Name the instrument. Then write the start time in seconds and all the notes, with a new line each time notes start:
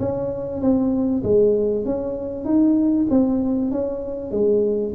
tuba
0.00 C#4
0.61 C4
1.24 G#3
1.86 C#4
2.45 D#4
3.10 C4
3.72 C#4
4.32 G#3